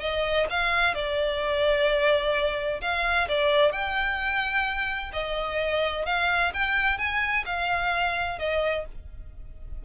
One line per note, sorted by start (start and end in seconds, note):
0.00 0.47 D#5
0.50 0.95 F5
0.95 2.81 D5
2.81 3.28 F5
3.29 3.72 D5
3.72 5.12 G5
5.13 6.06 D#5
6.06 6.52 F5
6.54 6.98 G5
6.98 7.44 G#5
7.46 8.39 F5
8.39 8.85 D#5